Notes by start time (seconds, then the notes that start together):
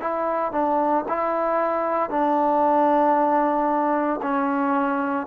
0.00 E4
0.52 D4
1.08 E4
2.10 D4
4.22 C#4